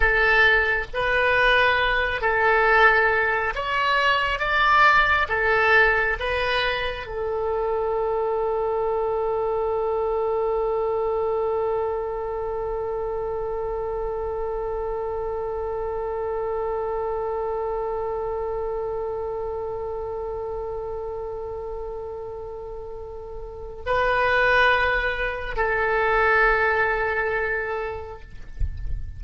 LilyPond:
\new Staff \with { instrumentName = "oboe" } { \time 4/4 \tempo 4 = 68 a'4 b'4. a'4. | cis''4 d''4 a'4 b'4 | a'1~ | a'1~ |
a'1~ | a'1~ | a'2. b'4~ | b'4 a'2. | }